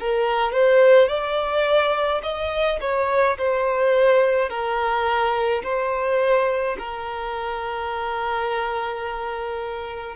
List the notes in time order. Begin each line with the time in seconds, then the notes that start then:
0.00 A#4
0.52 C5
1.09 D5
2.23 D#5
2.81 C#5
3.38 C5
4.50 A#4
5.63 C5
6.79 A#4